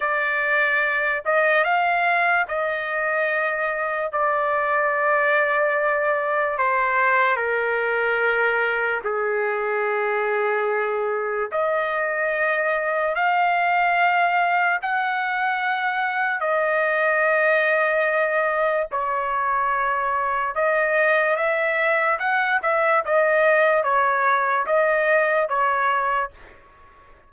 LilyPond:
\new Staff \with { instrumentName = "trumpet" } { \time 4/4 \tempo 4 = 73 d''4. dis''8 f''4 dis''4~ | dis''4 d''2. | c''4 ais'2 gis'4~ | gis'2 dis''2 |
f''2 fis''2 | dis''2. cis''4~ | cis''4 dis''4 e''4 fis''8 e''8 | dis''4 cis''4 dis''4 cis''4 | }